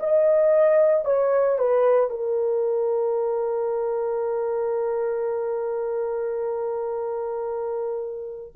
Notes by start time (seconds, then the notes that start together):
0.00 D#5
1.05 C#5
1.59 B4
2.10 A#4